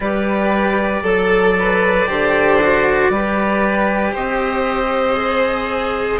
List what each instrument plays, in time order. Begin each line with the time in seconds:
0.00 bassoon G3, cello G4, violin B4, oboe D5
1.02 bassoon F#3, violin A4, cello A4
1.59 violin B4
2.07 bassoon D3, cello G4, violin C5
2.61 cello F#4
3.09 bassoon G3, cello G4, violin B4
4.12 bassoon C4, violin C5, oboe D#5
5.15 cello G#4